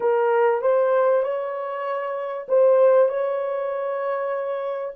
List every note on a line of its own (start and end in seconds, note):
0.00 0.61 A#4
0.61 1.23 C5
1.23 2.46 C#5
2.48 3.08 C5
3.08 4.94 C#5